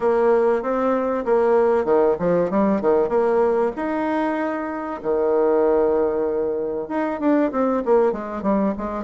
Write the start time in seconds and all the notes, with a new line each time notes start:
0.00 A#3
0.62 C4
1.25 A#3
1.84 D#3
2.19 F3
2.50 G3
2.81 D#3
3.09 A#3
3.76 D#4
5.02 D#3
6.88 D#4
7.19 D4
7.51 C4
7.85 A#3
8.12 G#3
8.42 G3
8.77 G#3